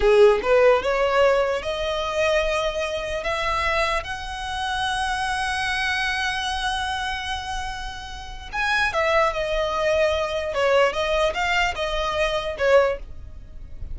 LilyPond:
\new Staff \with { instrumentName = "violin" } { \time 4/4 \tempo 4 = 148 gis'4 b'4 cis''2 | dis''1 | e''2 fis''2~ | fis''1~ |
fis''1~ | fis''4 gis''4 e''4 dis''4~ | dis''2 cis''4 dis''4 | f''4 dis''2 cis''4 | }